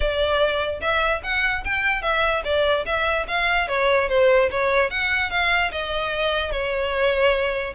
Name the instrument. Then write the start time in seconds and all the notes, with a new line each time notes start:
violin
0.00 D5
0.80 E5
1.23 F#5
1.64 G5
2.02 E5
2.44 D5
2.85 E5
3.27 F5
3.68 C#5
4.08 C5
4.50 C#5
4.90 F#5
5.30 F5
5.71 D#5
6.51 C#5